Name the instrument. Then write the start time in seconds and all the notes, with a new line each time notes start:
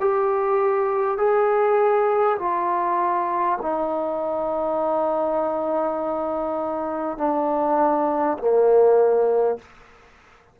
trombone
0.00 G4
1.18 G#4
2.38 F4
3.62 D#4
7.18 D4
8.38 A#3